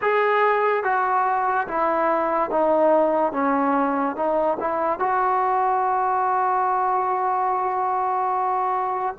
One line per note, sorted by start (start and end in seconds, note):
0.02 0.83 G#4
0.83 1.67 F#4
1.67 2.50 E4
2.50 3.32 D#4
3.32 4.16 C#4
4.16 4.57 D#4
4.60 4.98 E4
4.98 9.15 F#4